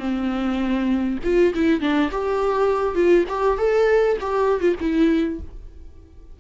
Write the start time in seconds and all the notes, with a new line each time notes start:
0.00 C4
1.24 F4
1.55 E4
1.81 D4
2.12 G4
2.95 F4
3.29 G4
3.58 A4
4.21 G4
4.61 F4
4.81 E4